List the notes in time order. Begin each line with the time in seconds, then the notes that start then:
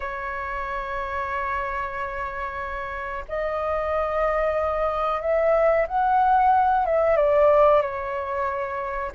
0.00 C#5
3.28 D#5
5.21 E5
5.87 F#5
6.85 E5
7.16 D5
7.81 C#5